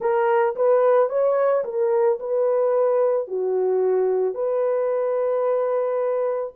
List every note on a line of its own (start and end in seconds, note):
0.00 0.55 A#4
0.55 1.09 B4
1.09 1.64 C#5
1.64 2.18 A#4
2.19 3.27 B4
3.27 4.34 F#4
4.34 6.52 B4